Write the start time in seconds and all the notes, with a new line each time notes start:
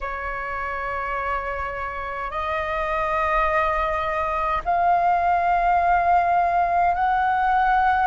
0.01 C#5
2.30 D#5
4.65 F5
6.94 F#5